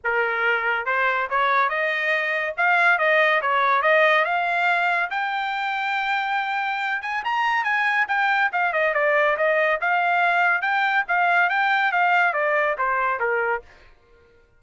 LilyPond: \new Staff \with { instrumentName = "trumpet" } { \time 4/4 \tempo 4 = 141 ais'2 c''4 cis''4 | dis''2 f''4 dis''4 | cis''4 dis''4 f''2 | g''1~ |
g''8 gis''8 ais''4 gis''4 g''4 | f''8 dis''8 d''4 dis''4 f''4~ | f''4 g''4 f''4 g''4 | f''4 d''4 c''4 ais'4 | }